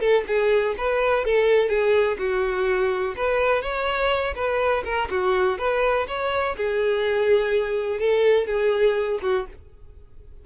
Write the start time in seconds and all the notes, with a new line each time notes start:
0.00 A4
0.27 G#4
0.78 B4
1.25 A4
1.69 G#4
2.19 F#4
3.16 B4
3.62 C#5
4.35 B4
4.85 A#4
5.10 F#4
5.58 B4
6.08 C#5
6.57 G#4
8.00 A4
8.47 G#4
9.22 F#4